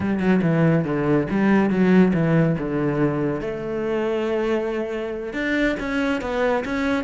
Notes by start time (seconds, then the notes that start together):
0.00 G3
0.19 F#3
0.42 E3
0.84 D3
1.30 G3
1.70 F#3
2.13 E3
2.58 D3
3.40 A3
5.33 D4
5.79 C#4
6.21 B3
6.64 C#4